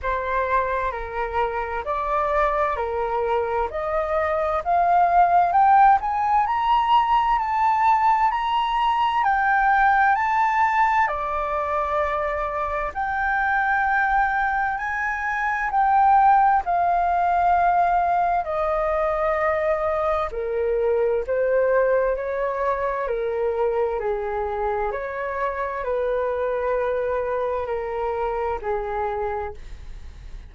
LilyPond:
\new Staff \with { instrumentName = "flute" } { \time 4/4 \tempo 4 = 65 c''4 ais'4 d''4 ais'4 | dis''4 f''4 g''8 gis''8 ais''4 | a''4 ais''4 g''4 a''4 | d''2 g''2 |
gis''4 g''4 f''2 | dis''2 ais'4 c''4 | cis''4 ais'4 gis'4 cis''4 | b'2 ais'4 gis'4 | }